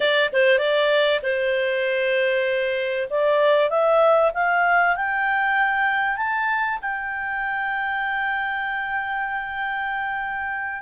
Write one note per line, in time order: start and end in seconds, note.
0.00 0.30 D5
0.33 0.58 C5
0.58 1.20 D5
1.22 3.08 C5
3.10 3.69 D5
3.69 4.31 E5
4.34 4.96 F5
4.96 6.17 G5
6.17 6.78 A5
6.81 10.82 G5